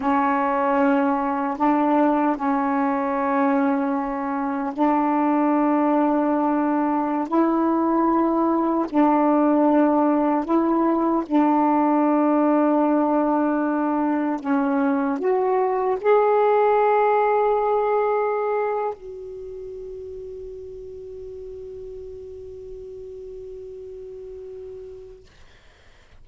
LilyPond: \new Staff \with { instrumentName = "saxophone" } { \time 4/4 \tempo 4 = 76 cis'2 d'4 cis'4~ | cis'2 d'2~ | d'4~ d'16 e'2 d'8.~ | d'4~ d'16 e'4 d'4.~ d'16~ |
d'2~ d'16 cis'4 fis'8.~ | fis'16 gis'2.~ gis'8. | fis'1~ | fis'1 | }